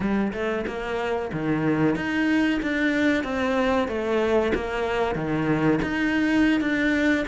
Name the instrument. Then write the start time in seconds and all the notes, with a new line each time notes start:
cello
0.00 G3
0.33 A3
0.66 A#3
1.32 D#3
1.95 D#4
2.62 D4
3.23 C4
3.87 A3
4.54 A#3
5.15 D#3
5.82 D#4
6.60 D4